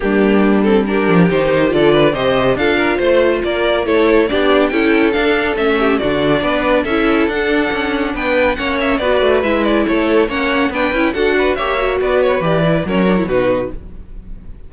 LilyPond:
<<
  \new Staff \with { instrumentName = "violin" } { \time 4/4 \tempo 4 = 140 g'4. a'8 ais'4 c''4 | d''4 dis''4 f''4 c''4 | d''4 cis''4 d''4 g''4 | f''4 e''4 d''2 |
e''4 fis''2 g''4 | fis''8 e''8 d''4 e''8 d''8 cis''4 | fis''4 g''4 fis''4 e''4 | d''8 cis''8 d''4 cis''4 b'4 | }
  \new Staff \with { instrumentName = "violin" } { \time 4/4 d'2 g'2 | a'8 b'8 c''4 a'8 ais'8 c''4 | ais'4 a'4 g'4 a'4~ | a'4. g'8 fis'4 b'4 |
a'2. b'4 | cis''4 b'2 a'4 | cis''4 b'4 a'8 b'8 cis''4 | b'2 ais'4 fis'4 | }
  \new Staff \with { instrumentName = "viola" } { \time 4/4 ais4. c'8 d'4 dis'4 | f'4 g'4 f'2~ | f'4 e'4 d'4 e'4 | d'4 cis'4 d'2 |
e'4 d'2. | cis'4 fis'4 e'2 | cis'4 d'8 e'8 fis'4 g'8 fis'8~ | fis'4 g'8 e'8 cis'8 d'16 e'16 dis'4 | }
  \new Staff \with { instrumentName = "cello" } { \time 4/4 g2~ g8 f8 dis4 | d4 c4 d'4 a4 | ais4 a4 b4 cis'4 | d'4 a4 d4 b4 |
cis'4 d'4 cis'4 b4 | ais4 b8 a8 gis4 a4 | ais4 b8 cis'8 d'4 ais4 | b4 e4 fis4 b,4 | }
>>